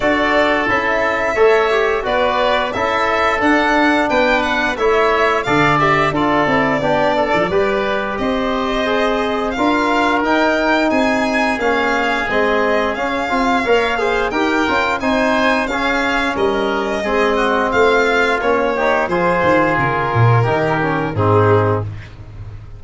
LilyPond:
<<
  \new Staff \with { instrumentName = "violin" } { \time 4/4 \tempo 4 = 88 d''4 e''2 d''4 | e''4 fis''4 g''8 fis''8 e''4 | f''8 e''8 d''2. | dis''2 f''4 g''4 |
gis''4 f''4 dis''4 f''4~ | f''4 g''4 gis''4 f''4 | dis''2 f''4 cis''4 | c''4 ais'2 gis'4 | }
  \new Staff \with { instrumentName = "oboe" } { \time 4/4 a'2 cis''4 b'4 | a'2 b'4 cis''4 | d''4 a'4 g'8 a'8 b'4 | c''2 ais'2 |
gis'1 | cis''8 c''8 ais'4 c''4 gis'4 | ais'4 gis'8 fis'8 f'4. g'8 | gis'2 g'4 dis'4 | }
  \new Staff \with { instrumentName = "trombone" } { \time 4/4 fis'4 e'4 a'8 g'8 fis'4 | e'4 d'2 e'4 | a'8 g'8 f'8 e'8 d'4 g'4~ | g'4 gis'4 f'4 dis'4~ |
dis'4 cis'4 c'4 cis'8 f'8 | ais'8 gis'8 g'8 f'8 dis'4 cis'4~ | cis'4 c'2 cis'8 dis'8 | f'2 dis'8 cis'8 c'4 | }
  \new Staff \with { instrumentName = "tuba" } { \time 4/4 d'4 cis'4 a4 b4 | cis'4 d'4 b4 a4 | d4 d'8 c'8 b8. f16 g4 | c'2 d'4 dis'4 |
c'4 ais4 gis4 cis'8 c'8 | ais4 dis'8 cis'8 c'4 cis'4 | g4 gis4 a4 ais4 | f8 dis8 cis8 ais,8 dis4 gis,4 | }
>>